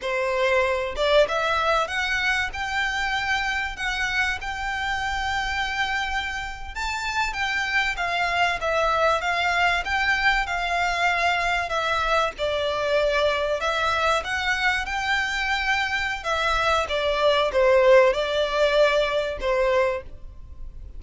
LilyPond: \new Staff \with { instrumentName = "violin" } { \time 4/4 \tempo 4 = 96 c''4. d''8 e''4 fis''4 | g''2 fis''4 g''4~ | g''2~ g''8. a''4 g''16~ | g''8. f''4 e''4 f''4 g''16~ |
g''8. f''2 e''4 d''16~ | d''4.~ d''16 e''4 fis''4 g''16~ | g''2 e''4 d''4 | c''4 d''2 c''4 | }